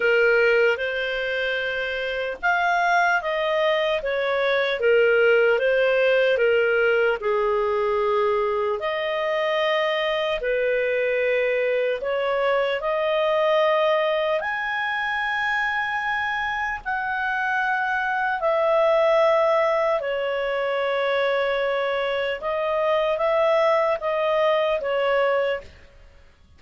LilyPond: \new Staff \with { instrumentName = "clarinet" } { \time 4/4 \tempo 4 = 75 ais'4 c''2 f''4 | dis''4 cis''4 ais'4 c''4 | ais'4 gis'2 dis''4~ | dis''4 b'2 cis''4 |
dis''2 gis''2~ | gis''4 fis''2 e''4~ | e''4 cis''2. | dis''4 e''4 dis''4 cis''4 | }